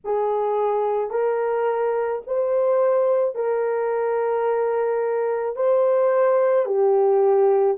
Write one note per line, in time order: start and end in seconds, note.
0.04 1.10 G#4
1.10 2.21 A#4
2.26 3.35 C5
3.35 5.56 A#4
5.56 6.65 C5
6.65 7.76 G4